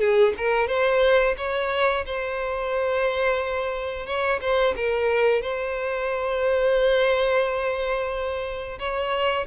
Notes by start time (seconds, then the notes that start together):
0.00 G#4
0.38 A#4
0.68 C5
1.38 C#5
2.06 C5
4.07 C#5
4.41 C5
4.77 A#4
5.42 C5
8.79 C#5